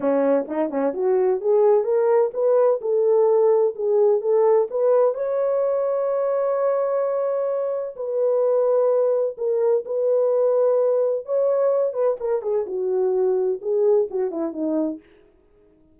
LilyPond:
\new Staff \with { instrumentName = "horn" } { \time 4/4 \tempo 4 = 128 cis'4 dis'8 cis'8 fis'4 gis'4 | ais'4 b'4 a'2 | gis'4 a'4 b'4 cis''4~ | cis''1~ |
cis''4 b'2. | ais'4 b'2. | cis''4. b'8 ais'8 gis'8 fis'4~ | fis'4 gis'4 fis'8 e'8 dis'4 | }